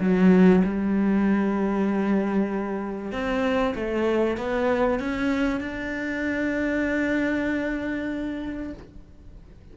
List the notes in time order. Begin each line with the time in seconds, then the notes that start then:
0.00 F#3
0.64 G3
3.12 C4
3.75 A3
4.37 B3
4.99 C#4
5.60 D4